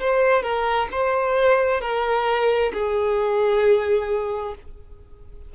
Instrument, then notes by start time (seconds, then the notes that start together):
violin
0.00 C5
0.43 A#4
0.91 C5
1.81 A#4
2.72 G#4